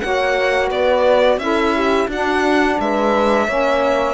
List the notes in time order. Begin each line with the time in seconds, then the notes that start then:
0.00 A#3 F#4 C#5 F#5
0.68 B3 B4 D5
1.38 C#4 E4 A4 E5
1.75 G4
2.08 D4 F#4 F#5
2.80 G#3 B4 E5
3.47 A#3 C#4 C#5